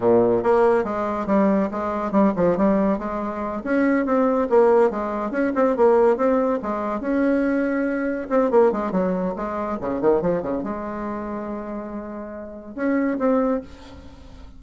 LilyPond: \new Staff \with { instrumentName = "bassoon" } { \time 4/4 \tempo 4 = 141 ais,4 ais4 gis4 g4 | gis4 g8 f8 g4 gis4~ | gis8 cis'4 c'4 ais4 gis8~ | gis8 cis'8 c'8 ais4 c'4 gis8~ |
gis8 cis'2. c'8 | ais8 gis8 fis4 gis4 cis8 dis8 | f8 cis8 gis2.~ | gis2 cis'4 c'4 | }